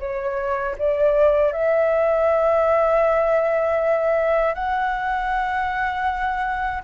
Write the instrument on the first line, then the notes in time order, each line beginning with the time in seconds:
flute
0.00 C#5
0.79 D5
1.53 E5
4.55 F#5